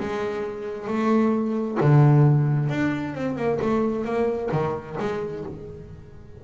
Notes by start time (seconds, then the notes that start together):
0.00 G#3
0.88 A3
1.81 D3
2.70 D4
3.15 C4
3.37 A#3
3.62 A3
4.05 A#3
4.52 D#3
5.00 G#3